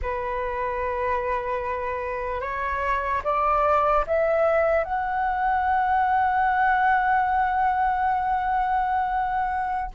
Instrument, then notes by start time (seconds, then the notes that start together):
flute
0.02 B4
2.41 C#5
3.24 D5
4.07 E5
4.84 F#5